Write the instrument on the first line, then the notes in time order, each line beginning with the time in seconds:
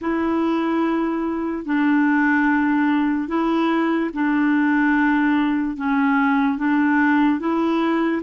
clarinet
0.01 E4
1.65 D4
3.28 E4
4.13 D4
5.76 C#4
6.58 D4
7.39 E4